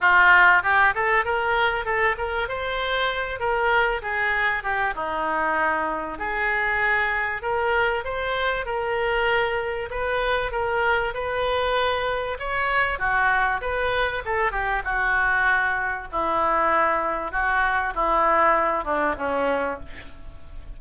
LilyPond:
\new Staff \with { instrumentName = "oboe" } { \time 4/4 \tempo 4 = 97 f'4 g'8 a'8 ais'4 a'8 ais'8 | c''4. ais'4 gis'4 g'8 | dis'2 gis'2 | ais'4 c''4 ais'2 |
b'4 ais'4 b'2 | cis''4 fis'4 b'4 a'8 g'8 | fis'2 e'2 | fis'4 e'4. d'8 cis'4 | }